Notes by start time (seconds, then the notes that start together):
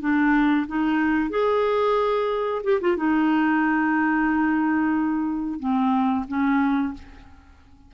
0.00 D4
0.67 D#4
1.30 G#4
2.63 G4
2.81 F4
2.96 D#4
5.60 C4
6.28 C#4